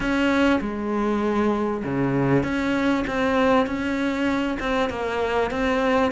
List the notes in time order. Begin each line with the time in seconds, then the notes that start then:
0.00 C#4
0.61 G#3
1.84 C#3
2.43 C#4
3.07 C4
3.66 C#4
4.59 C4
4.89 A#3
5.50 C4